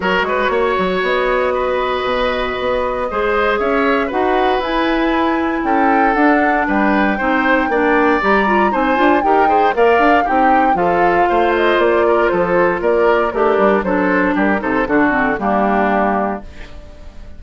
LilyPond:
<<
  \new Staff \with { instrumentName = "flute" } { \time 4/4 \tempo 4 = 117 cis''2 dis''2~ | dis''2. e''4 | fis''4 gis''2 g''4 | fis''4 g''2. |
ais''4 gis''4 g''4 f''4 | g''4 f''4. dis''8 d''4 | c''4 d''4 ais'4 c''4 | ais'8 c''8 a'4 g'2 | }
  \new Staff \with { instrumentName = "oboe" } { \time 4/4 ais'8 b'8 cis''2 b'4~ | b'2 c''4 cis''4 | b'2. a'4~ | a'4 b'4 c''4 d''4~ |
d''4 c''4 ais'8 c''8 d''4 | g'4 a'4 c''4. ais'8 | a'4 ais'4 d'4 a'4 | g'8 a'8 fis'4 d'2 | }
  \new Staff \with { instrumentName = "clarinet" } { \time 4/4 fis'1~ | fis'2 gis'2 | fis'4 e'2. | d'2 dis'4 d'4 |
g'8 f'8 dis'8 f'8 g'8 gis'8 ais'4 | dis'4 f'2.~ | f'2 g'4 d'4~ | d'8 dis'8 d'8 c'8 ais2 | }
  \new Staff \with { instrumentName = "bassoon" } { \time 4/4 fis8 gis8 ais8 fis8 b2 | b,4 b4 gis4 cis'4 | dis'4 e'2 cis'4 | d'4 g4 c'4 ais4 |
g4 c'8 d'8 dis'4 ais8 d'8 | c'4 f4 a4 ais4 | f4 ais4 a8 g8 fis4 | g8 c8 d4 g2 | }
>>